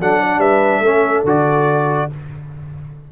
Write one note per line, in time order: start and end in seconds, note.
0.00 0.38 F#3
0.00 0.84 D4
0.00 0.21 A4
0.00 0.40 F#5
0.21 0.40 D5
0.38 0.80 G3
0.38 0.82 B4
0.38 1.24 E5
0.80 1.22 A3
0.80 1.26 C#4
0.80 2.09 A4
1.24 2.08 D3
1.24 2.10 F#4
1.24 2.12 D5